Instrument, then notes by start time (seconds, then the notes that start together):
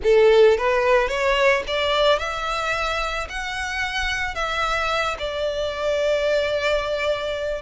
violin
0.03 A4
0.57 B4
1.08 C#5
1.67 D5
2.18 E5
3.29 F#5
4.35 E5
5.18 D5